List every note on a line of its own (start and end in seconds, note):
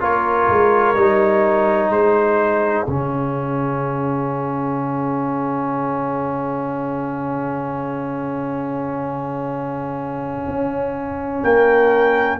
0.00 0.48 A#3
0.00 0.95 F4
0.00 1.92 A#4
0.00 1.91 C#5
0.49 0.94 G#3
0.94 1.89 G3
0.94 2.86 D#4
1.89 2.85 G#3
1.89 11.43 G#4
1.89 2.86 C5
2.86 10.48 C#3
2.86 12.40 C#4
2.86 11.43 F5
10.48 11.43 C#4
11.43 12.39 A#3
11.43 12.39 A#4
11.43 12.39 G5